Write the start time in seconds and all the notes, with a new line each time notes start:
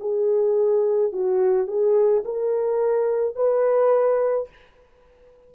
0.00 G#4
1.12 F#4
1.67 G#4
2.24 A#4
3.35 B4